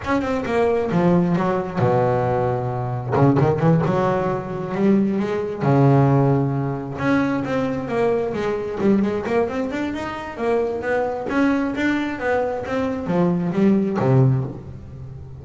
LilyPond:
\new Staff \with { instrumentName = "double bass" } { \time 4/4 \tempo 4 = 133 cis'8 c'8 ais4 f4 fis4 | b,2. cis8 dis8 | e8 fis2 g4 gis8~ | gis8 cis2. cis'8~ |
cis'8 c'4 ais4 gis4 g8 | gis8 ais8 c'8 d'8 dis'4 ais4 | b4 cis'4 d'4 b4 | c'4 f4 g4 c4 | }